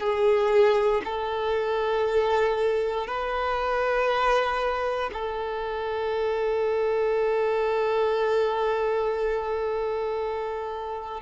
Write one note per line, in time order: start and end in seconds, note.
0.00 1.02 G#4
1.04 3.07 A4
3.07 5.10 B4
5.13 11.21 A4